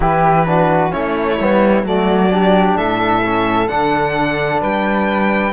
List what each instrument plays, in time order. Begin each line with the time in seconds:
0.00 cello E3, trombone E4, flute G4, violin B4
0.46 trombone D4, flute F#4
0.90 cello A3, trombone C#4, flute E4, violin C#5
1.40 cello G3, trombone B3
1.83 cello F#3, trombone A3, flute F#4, violin D5
2.30 trombone D4, flute G4
2.76 cello A2, flute A4, violin E5
3.25 trombone C#4
3.67 cello D3, trombone D4, violin F#5
4.61 cello G3, flute B4, violin G5